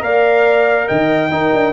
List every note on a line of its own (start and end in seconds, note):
0.00 0.87 A#3
0.00 1.29 A#4
0.00 0.88 D5
0.00 0.88 F5
0.88 1.32 D#3
0.88 1.31 D#5
0.88 1.73 G5
1.31 1.73 D#4
1.31 1.53 D#4
1.31 1.73 A#4
1.53 1.73 D4